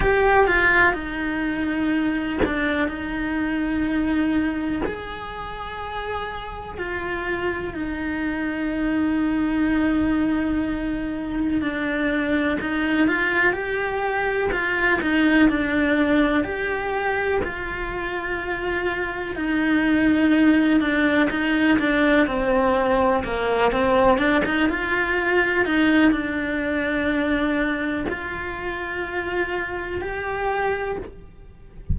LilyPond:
\new Staff \with { instrumentName = "cello" } { \time 4/4 \tempo 4 = 62 g'8 f'8 dis'4. d'8 dis'4~ | dis'4 gis'2 f'4 | dis'1 | d'4 dis'8 f'8 g'4 f'8 dis'8 |
d'4 g'4 f'2 | dis'4. d'8 dis'8 d'8 c'4 | ais8 c'8 d'16 dis'16 f'4 dis'8 d'4~ | d'4 f'2 g'4 | }